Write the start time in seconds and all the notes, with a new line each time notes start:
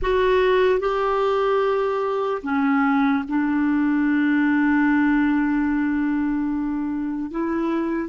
0.02 F#4
0.79 G4
2.43 C#4
3.28 D4
7.30 E4